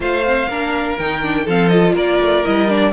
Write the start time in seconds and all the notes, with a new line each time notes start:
0.00 A3 F4 C5 F5
0.24 C4
0.48 A#3 D4 A#4
0.98 D#3 D#4 G5
1.22 D4
1.44 F3 C4 A4 F5
1.69 F4 D#5
1.94 A#3 A#4 D5
2.20 A3
2.45 G3 E4 D#5
2.68 D4 D5